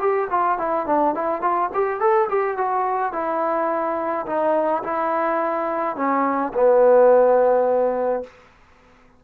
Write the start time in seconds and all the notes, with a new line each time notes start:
0.00 G4
0.31 F4
0.59 E4
0.87 D4
1.15 E4
1.42 F4
1.74 G4
2.00 A4
2.30 G4
2.58 F#4
3.13 E4
4.27 D#4
4.83 E4
5.97 C#4
6.54 B3